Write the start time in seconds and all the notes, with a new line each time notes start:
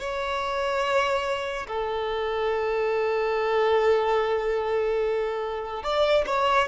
0.00 C#5
1.67 A4
5.83 D5
6.27 C#5